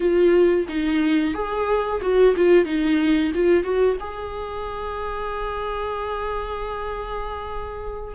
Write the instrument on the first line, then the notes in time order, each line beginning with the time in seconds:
viola
0.00 F4
0.68 D#4
1.34 G#4
2.01 F#4
2.36 F4
2.65 D#4
3.34 F4
3.63 F#4
4.00 G#4